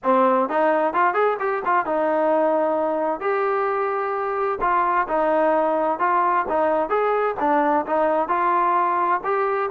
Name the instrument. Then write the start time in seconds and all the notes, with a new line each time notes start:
trombone
0.03 C4
0.49 D#4
0.93 F4
1.14 G#4
1.39 G4
1.65 F4
1.85 D#4
3.20 G4
4.60 F4
5.08 D#4
5.99 F4
6.48 D#4
6.89 G#4
7.39 D4
7.86 D#4
8.28 F4
9.23 G4